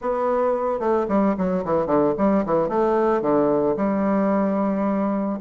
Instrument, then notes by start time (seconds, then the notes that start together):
bassoon
0.01 B3
0.79 A3
1.08 G3
1.37 F#3
1.64 E3
1.86 D3
2.17 G3
2.45 E3
2.69 A3
3.21 D3
3.76 G3